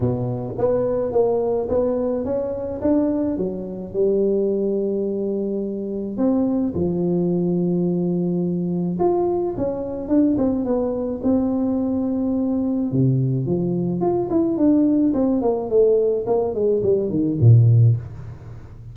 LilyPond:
\new Staff \with { instrumentName = "tuba" } { \time 4/4 \tempo 4 = 107 b,4 b4 ais4 b4 | cis'4 d'4 fis4 g4~ | g2. c'4 | f1 |
f'4 cis'4 d'8 c'8 b4 | c'2. c4 | f4 f'8 e'8 d'4 c'8 ais8 | a4 ais8 gis8 g8 dis8 ais,4 | }